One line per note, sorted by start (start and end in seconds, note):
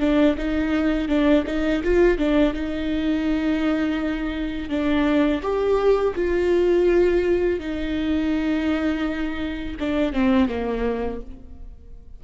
0.00 0.36 D4
0.38 1.09 D#4
1.09 1.45 D4
1.47 1.83 D#4
1.84 2.19 F4
2.19 2.54 D4
2.54 4.70 D#4
4.70 5.42 D4
5.42 6.14 G4
6.16 7.60 F4
7.60 9.77 D#4
9.80 10.13 D4
10.13 10.49 C4
10.49 11.21 A#3